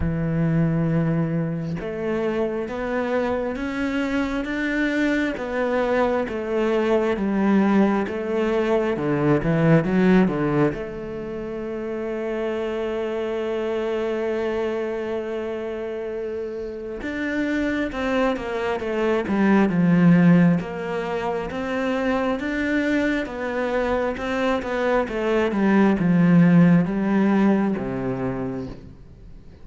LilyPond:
\new Staff \with { instrumentName = "cello" } { \time 4/4 \tempo 4 = 67 e2 a4 b4 | cis'4 d'4 b4 a4 | g4 a4 d8 e8 fis8 d8 | a1~ |
a2. d'4 | c'8 ais8 a8 g8 f4 ais4 | c'4 d'4 b4 c'8 b8 | a8 g8 f4 g4 c4 | }